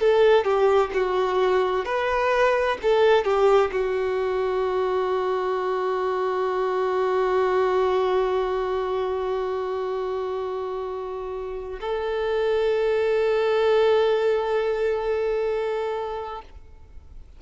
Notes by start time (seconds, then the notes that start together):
0.00 A4
0.44 G4
0.94 F#4
1.85 B4
2.82 A4
3.24 G4
3.72 F#4
11.80 A4